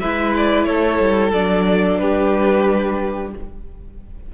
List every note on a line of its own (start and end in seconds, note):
0.00 0.66 G#3
0.00 1.34 E4
0.00 0.67 B4
0.00 0.33 E5
0.37 0.64 D5
0.64 0.99 A3
0.64 2.00 A4
0.64 1.31 C#5
0.99 1.32 G3
1.33 2.00 F#3
1.33 3.34 D4
1.33 1.98 D5
1.98 3.34 G3
1.98 3.34 G4
1.98 3.32 B4